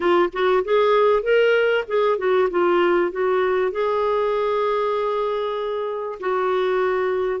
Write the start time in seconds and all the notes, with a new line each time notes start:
0.00 F4
0.32 F#4
0.64 G#4
1.22 A#4
1.87 G#4
2.18 F#4
2.50 F4
3.11 F#4
3.71 G#4
6.20 F#4